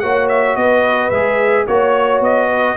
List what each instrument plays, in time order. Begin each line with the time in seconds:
0.00 tuba A#3, trombone F#4, horn C#5, trumpet F#5
0.29 trumpet E5
0.56 tuba B3, horn B4, trumpet D#5
1.10 tuba G#3, trombone G#4, trumpet E5
1.67 tuba A#3, trombone F#4, trumpet C#5, horn C#5
2.20 tuba B3, trumpet D#5
2.49 horn B4